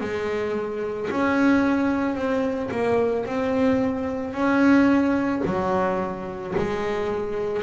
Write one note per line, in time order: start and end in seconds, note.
0.00 1.09 G#3
1.11 2.15 C#4
2.15 2.70 C4
2.71 3.25 A#3
3.25 4.33 C4
4.33 5.42 C#4
5.45 6.55 F#3
6.57 7.63 G#3